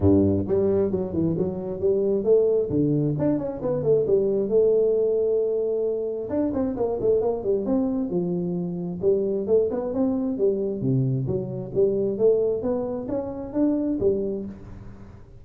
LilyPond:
\new Staff \with { instrumentName = "tuba" } { \time 4/4 \tempo 4 = 133 g,4 g4 fis8 e8 fis4 | g4 a4 d4 d'8 cis'8 | b8 a8 g4 a2~ | a2 d'8 c'8 ais8 a8 |
ais8 g8 c'4 f2 | g4 a8 b8 c'4 g4 | c4 fis4 g4 a4 | b4 cis'4 d'4 g4 | }